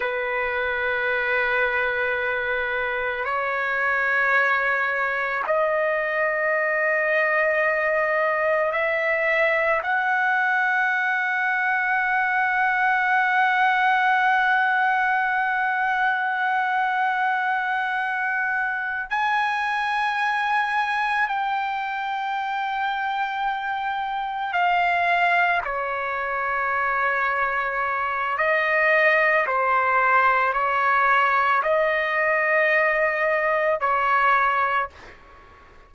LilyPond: \new Staff \with { instrumentName = "trumpet" } { \time 4/4 \tempo 4 = 55 b'2. cis''4~ | cis''4 dis''2. | e''4 fis''2.~ | fis''1~ |
fis''4. gis''2 g''8~ | g''2~ g''8 f''4 cis''8~ | cis''2 dis''4 c''4 | cis''4 dis''2 cis''4 | }